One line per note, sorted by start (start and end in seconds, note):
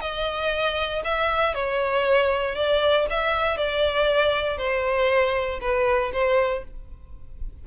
0.00 1.02 D#5
1.04 1.54 E5
1.54 2.55 C#5
2.55 3.06 D5
3.09 3.57 E5
3.57 4.57 D5
4.57 5.59 C5
5.60 6.11 B4
6.12 6.63 C5